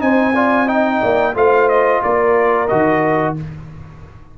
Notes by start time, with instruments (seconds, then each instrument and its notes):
0.00 tuba C4, trombone D#4, horn C5, trumpet G#5
0.35 trombone F4, horn D5
0.67 trombone D#4, horn D#5, trumpet G5
1.01 tuba A#3, horn D5
1.35 tuba A3, trombone F4, horn C5, trumpet F5
1.69 trumpet D#5
2.03 tuba A#3, horn A#4, trumpet D5
2.68 tuba D#3, trombone F#4, trumpet D#5